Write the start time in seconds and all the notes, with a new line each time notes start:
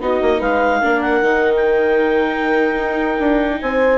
0.00 B3 D#4 F#4 D#5
0.22 A#3
0.39 G#3 B4 F5
0.80 A#3 D4 A#4
1.01 F#5
1.21 D#3 D#4
1.56 G5
2.77 D#4
3.19 D4
3.61 C4 C5 G#5